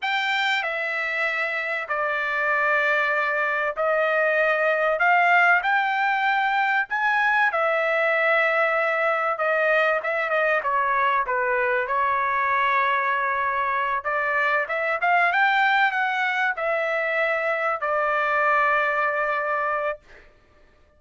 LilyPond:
\new Staff \with { instrumentName = "trumpet" } { \time 4/4 \tempo 4 = 96 g''4 e''2 d''4~ | d''2 dis''2 | f''4 g''2 gis''4 | e''2. dis''4 |
e''8 dis''8 cis''4 b'4 cis''4~ | cis''2~ cis''8 d''4 e''8 | f''8 g''4 fis''4 e''4.~ | e''8 d''2.~ d''8 | }